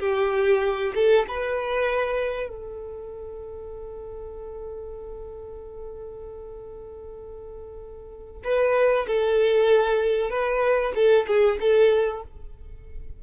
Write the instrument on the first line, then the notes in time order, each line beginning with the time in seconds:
violin
0.00 G4
0.95 A4
1.28 B4
2.49 A4
8.44 B4
9.07 A4
10.30 B4
10.95 A4
11.28 G#4
11.61 A4